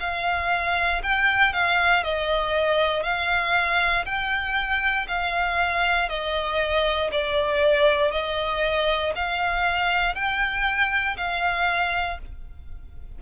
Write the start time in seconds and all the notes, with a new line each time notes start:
0.00 F5
1.03 G5
1.53 F5
2.03 D#5
3.03 F5
4.05 G5
5.08 F5
6.09 D#5
7.12 D5
8.12 D#5
9.16 F5
10.15 G5
11.17 F5